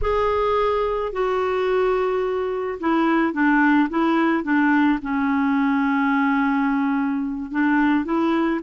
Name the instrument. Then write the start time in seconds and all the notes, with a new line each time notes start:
clarinet
0.01 G#4
1.12 F#4
2.80 E4
3.33 D4
3.89 E4
4.43 D4
5.02 C#4
7.51 D4
8.04 E4